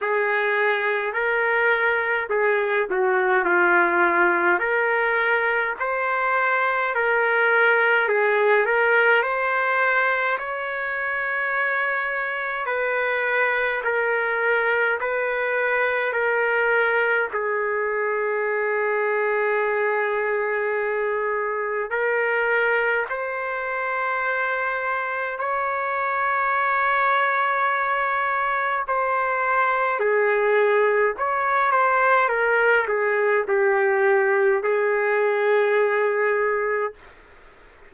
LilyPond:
\new Staff \with { instrumentName = "trumpet" } { \time 4/4 \tempo 4 = 52 gis'4 ais'4 gis'8 fis'8 f'4 | ais'4 c''4 ais'4 gis'8 ais'8 | c''4 cis''2 b'4 | ais'4 b'4 ais'4 gis'4~ |
gis'2. ais'4 | c''2 cis''2~ | cis''4 c''4 gis'4 cis''8 c''8 | ais'8 gis'8 g'4 gis'2 | }